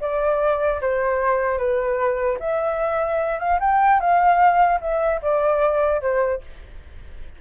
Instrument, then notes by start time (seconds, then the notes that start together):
flute
0.00 D5
0.81 C5
1.58 B4
2.39 E5
3.39 F5
3.60 G5
3.99 F5
4.81 E5
5.21 D5
6.01 C5